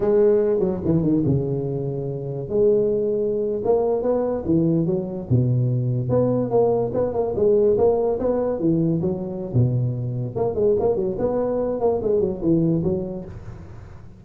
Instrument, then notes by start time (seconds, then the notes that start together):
tuba
0.00 G#3
0.59 F#3
0.84 E3
1.02 D#3
1.25 C#3
2.48 G#3
3.64 A#3
4.02 B3
4.45 E3
4.86 F#3
5.29 B2
6.09 B3
6.50 A#3
6.93 B3
7.13 A#3
7.35 G#3
7.77 A#3
8.19 B3
8.59 E3
9.01 F#3
9.53 B2
10.35 A#3
10.54 G#3
10.79 A#3
10.95 F#3
11.18 B3
11.80 A#3
12.02 G#3
12.20 F#3
12.41 E3
12.83 F#3